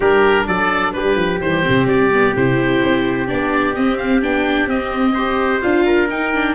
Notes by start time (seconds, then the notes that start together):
0.00 G3 D4 G4 A#4
0.47 F#3 A4 D5
0.92 G3 G4 B4
1.15 F3
1.40 E3 G3 C5
1.63 C3 C4
1.86 G3 D5
2.12 B3
2.35 C3 E4 C5
2.83 C4
3.27 B3 D4 D5
3.74 C4 D#5
3.97 F5
4.22 B3 D4 G5
4.66 C4 D#5
5.13 G4 C5
5.61 D4 F4 F5
5.85 A#4
6.09 D#4 G5
6.33 D4